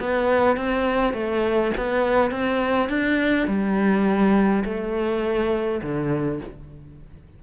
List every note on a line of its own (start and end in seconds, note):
0.00 0.57 B3
0.57 1.14 C4
1.14 1.72 A3
1.77 2.31 B3
2.31 2.89 C4
2.89 3.47 D4
3.47 4.64 G3
4.65 5.81 A3
5.82 6.40 D3